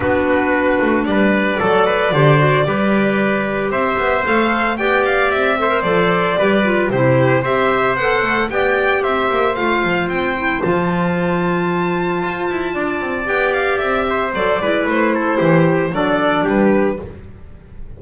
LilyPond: <<
  \new Staff \with { instrumentName = "violin" } { \time 4/4 \tempo 4 = 113 b'2 d''2~ | d''2. e''4 | f''4 g''8 f''8 e''4 d''4~ | d''4 c''4 e''4 fis''4 |
g''4 e''4 f''4 g''4 | a''1~ | a''4 g''8 f''8 e''4 d''4 | c''2 d''4 b'4 | }
  \new Staff \with { instrumentName = "trumpet" } { \time 4/4 fis'2 b'4 a'8 b'8 | c''4 b'2 c''4~ | c''4 d''4. c''4. | b'4 g'4 c''2 |
d''4 c''2.~ | c''1 | d''2~ d''8 c''4 b'8~ | b'8 a'8 g'4 a'4 g'4 | }
  \new Staff \with { instrumentName = "clarinet" } { \time 4/4 d'2. a'4 | g'8 fis'8 g'2. | a'4 g'4. a'16 ais'16 a'4 | g'8 f'8 e'4 g'4 a'4 |
g'2 f'4. e'8 | f'1~ | f'4 g'2 a'8 e'8~ | e'2 d'2 | }
  \new Staff \with { instrumentName = "double bass" } { \time 4/4 b4. a8 g4 fis4 | d4 g2 c'8 b8 | a4 b4 c'4 f4 | g4 c4 c'4 b8 a8 |
b4 c'8 ais8 a8 f8 c'4 | f2. f'8 e'8 | d'8 c'8 b4 c'4 fis8 gis8 | a4 e4 fis4 g4 | }
>>